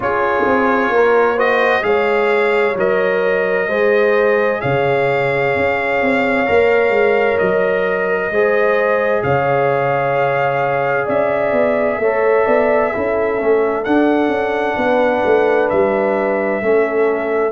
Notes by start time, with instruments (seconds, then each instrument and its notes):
0.00 tuba C#4, trombone F4, horn G#4, trumpet C#5
0.46 tuba C4
0.89 tuba A#3, horn A#4
1.36 trombone F#4, horn C5, trumpet D#5
1.82 tuba G#3, trombone G#4, horn C#5, trumpet F5
2.75 tuba F#3, trombone A#4, trumpet D#5
3.68 tuba G#3, trombone G#4, horn C5
4.61 tuba C#3, horn C#5, trumpet F5
5.55 tuba C#4
6.01 tuba C4
6.46 tuba A#3, trombone A#4
6.89 tuba G#3
7.38 tuba F#3, trumpet D#5
8.30 tuba G#3, trombone G#4, horn C5
9.23 tuba C#3, horn C#5, trumpet F5
11.06 tuba C#4, horn D5, trumpet E5
11.52 tuba B3
11.97 tuba A3, trombone A4, horn C#5
12.45 tuba B3, horn D5
12.93 tuba C#4, trombone E4, horn A4
13.38 tuba A3, trombone C#4
13.84 trombone D4, tuba D4, trumpet F#5
14.28 tuba C#4
14.76 tuba B3, horn B4
15.25 tuba A3
15.69 tuba G3, trumpet E5
16.62 tuba A3, trombone C#4, horn A4